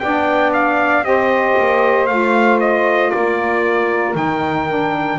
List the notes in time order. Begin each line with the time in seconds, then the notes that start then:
0.00 B3 D4 D5 G5
0.54 F5
1.03 C4 G4 C5 D#5
1.59 A#3
2.07 A3 F4 F5
2.60 D#5
3.11 A#3 A#4 D5
4.15 D#3 D#4 G5
4.69 D4